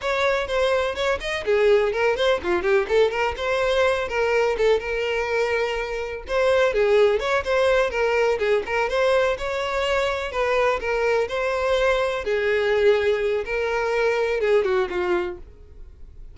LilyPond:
\new Staff \with { instrumentName = "violin" } { \time 4/4 \tempo 4 = 125 cis''4 c''4 cis''8 dis''8 gis'4 | ais'8 c''8 f'8 g'8 a'8 ais'8 c''4~ | c''8 ais'4 a'8 ais'2~ | ais'4 c''4 gis'4 cis''8 c''8~ |
c''8 ais'4 gis'8 ais'8 c''4 cis''8~ | cis''4. b'4 ais'4 c''8~ | c''4. gis'2~ gis'8 | ais'2 gis'8 fis'8 f'4 | }